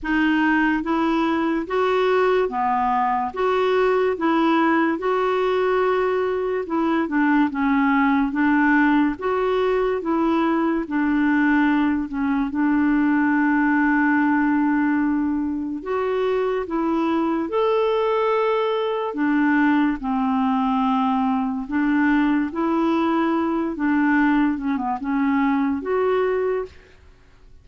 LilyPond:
\new Staff \with { instrumentName = "clarinet" } { \time 4/4 \tempo 4 = 72 dis'4 e'4 fis'4 b4 | fis'4 e'4 fis'2 | e'8 d'8 cis'4 d'4 fis'4 | e'4 d'4. cis'8 d'4~ |
d'2. fis'4 | e'4 a'2 d'4 | c'2 d'4 e'4~ | e'8 d'4 cis'16 b16 cis'4 fis'4 | }